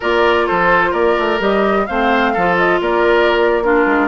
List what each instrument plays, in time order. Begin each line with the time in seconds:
0.00 bassoon A#3, clarinet F4, oboe A#4, flute D5
0.46 bassoon F3, oboe A4, flute C5
0.90 bassoon A#3, oboe A#4, flute D5
1.18 bassoon A3
1.39 bassoon G3, clarinet G4, flute D#5
1.86 bassoon A3, clarinet C4, oboe C5, flute F5
2.33 bassoon F3, clarinet F4, oboe A4
2.56 flute D#5
2.80 bassoon A#3, oboe A#4, flute D5
3.63 clarinet D4, oboe F4, flute A#4
3.86 bassoon G#3